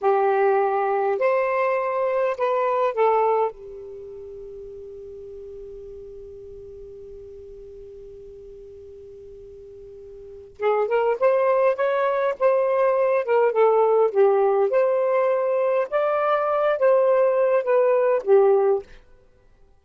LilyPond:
\new Staff \with { instrumentName = "saxophone" } { \time 4/4 \tempo 4 = 102 g'2 c''2 | b'4 a'4 g'2~ | g'1~ | g'1~ |
g'2 gis'8 ais'8 c''4 | cis''4 c''4. ais'8 a'4 | g'4 c''2 d''4~ | d''8 c''4. b'4 g'4 | }